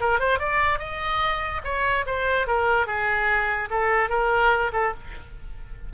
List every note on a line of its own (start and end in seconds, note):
0.00 0.19 A#4
0.19 0.39 C5
0.39 0.79 D5
0.79 1.61 D#5
1.64 2.05 C#5
2.06 2.47 C5
2.47 2.87 A#4
2.87 3.69 G#4
3.70 4.09 A4
4.09 4.71 A#4
4.73 4.93 A4